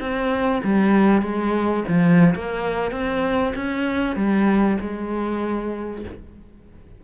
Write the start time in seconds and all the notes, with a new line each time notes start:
0.00 C4
0.64 G3
1.22 G#3
1.89 F3
2.35 A#3
2.92 C4
3.56 C#4
4.16 G3
4.81 G#3